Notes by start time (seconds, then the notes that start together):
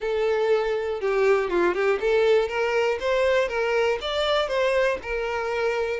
0.00 A4
1.00 G4
1.50 F4
1.74 G4
2.00 A4
2.48 A#4
3.00 C5
3.48 A#4
4.01 D5
4.47 C5
5.02 A#4